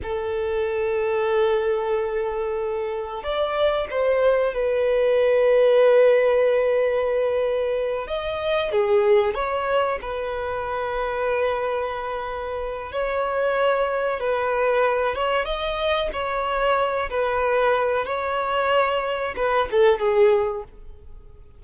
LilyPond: \new Staff \with { instrumentName = "violin" } { \time 4/4 \tempo 4 = 93 a'1~ | a'4 d''4 c''4 b'4~ | b'1~ | b'8 dis''4 gis'4 cis''4 b'8~ |
b'1 | cis''2 b'4. cis''8 | dis''4 cis''4. b'4. | cis''2 b'8 a'8 gis'4 | }